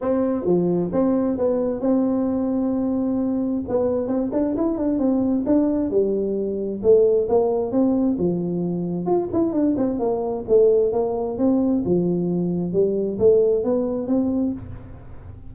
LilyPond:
\new Staff \with { instrumentName = "tuba" } { \time 4/4 \tempo 4 = 132 c'4 f4 c'4 b4 | c'1 | b4 c'8 d'8 e'8 d'8 c'4 | d'4 g2 a4 |
ais4 c'4 f2 | f'8 e'8 d'8 c'8 ais4 a4 | ais4 c'4 f2 | g4 a4 b4 c'4 | }